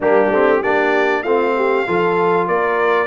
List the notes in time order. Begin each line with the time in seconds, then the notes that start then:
0.00 G3 A#3 D4 G4
0.30 A3 C4
0.60 A#3 D4 G4 D5
1.23 A3 C4 F4 F5
1.56 G4
1.86 F3 F4 A4
2.47 A#3 A#4 D5